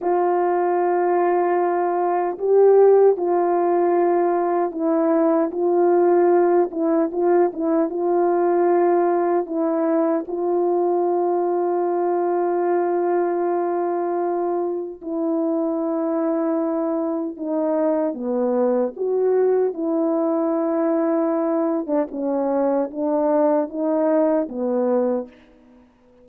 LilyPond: \new Staff \with { instrumentName = "horn" } { \time 4/4 \tempo 4 = 76 f'2. g'4 | f'2 e'4 f'4~ | f'8 e'8 f'8 e'8 f'2 | e'4 f'2.~ |
f'2. e'4~ | e'2 dis'4 b4 | fis'4 e'2~ e'8. d'16 | cis'4 d'4 dis'4 b4 | }